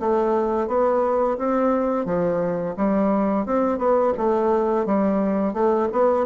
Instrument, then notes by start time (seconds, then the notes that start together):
bassoon
0.00 A3
0.68 B3
1.38 C4
2.06 F3
2.77 G3
3.46 C4
3.78 B3
4.18 A3
4.86 G3
5.54 A3
5.93 B3